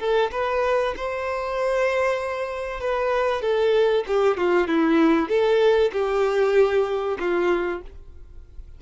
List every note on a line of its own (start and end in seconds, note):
0.00 0.31 A4
0.32 0.95 B4
0.97 2.81 C5
2.81 3.42 B4
3.42 4.05 A4
4.07 4.38 G4
4.38 4.68 F4
4.68 5.29 E4
5.29 5.91 A4
5.93 7.18 G4
7.20 7.82 F4